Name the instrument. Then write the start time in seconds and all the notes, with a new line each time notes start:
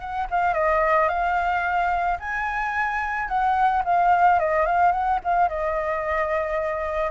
flute
0.00 F#5
0.30 F5
0.54 D#5
1.09 F5
2.19 G#5
3.28 F#5
3.85 F5
4.39 D#5
4.66 F5
4.91 F#5
5.24 F5
5.49 D#5